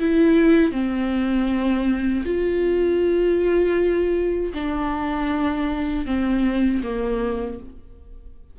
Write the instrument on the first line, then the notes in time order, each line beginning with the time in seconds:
viola
0.00 E4
0.72 C4
2.25 F4
4.54 D4
6.06 C4
6.83 A#3